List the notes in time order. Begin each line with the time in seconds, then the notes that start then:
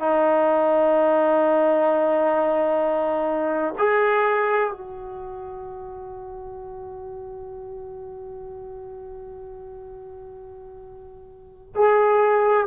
0.00 D#4
3.79 G#4
4.72 F#4
11.76 G#4